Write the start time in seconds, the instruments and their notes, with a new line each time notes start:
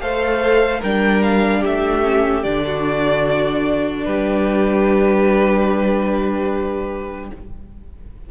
0.00 cello A3, viola A4, violin C5 F5
0.80 cello G3, viola D4, violin A#4 G5
1.22 violin F5
1.60 cello A3, violin G4 E5
2.03 viola C#4
2.43 cello D3, viola D4, violin D5
2.66 violin F#4
4.05 cello G3, violin G4 B4